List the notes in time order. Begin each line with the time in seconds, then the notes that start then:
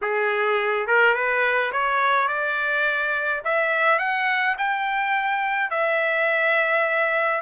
0.01 G#4
0.87 A#4
1.14 B4
1.72 C#5
2.28 D5
3.44 E5
3.98 F#5
4.58 G5
5.70 E5